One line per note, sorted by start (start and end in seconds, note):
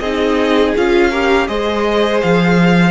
0.00 0.73 C4
0.00 0.76 D#4
0.00 1.10 G#4
0.00 0.73 D#5
0.76 1.48 C#4
0.76 1.12 F4
0.76 1.48 F5
1.10 1.48 G4
1.10 1.47 A#4
1.48 2.21 G#3
1.48 2.91 G#4
1.48 2.91 C5
1.48 2.21 D#5
2.21 2.91 F3
2.21 2.91 F5